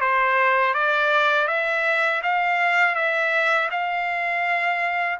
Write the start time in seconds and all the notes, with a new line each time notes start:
0.00 C5
0.74 D5
1.47 E5
2.22 F5
2.95 E5
3.70 F5